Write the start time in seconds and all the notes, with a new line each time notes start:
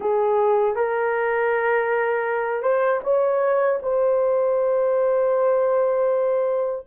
0.00 G#4
0.75 A#4
2.62 C5
3.03 C#5
3.82 C5